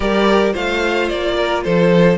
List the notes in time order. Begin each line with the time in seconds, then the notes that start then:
0.00 G3 G4 A#4 D5
0.52 A3 F4 C5 F5
1.08 A#3 D5
1.36 A#4
1.63 F3 A4 C5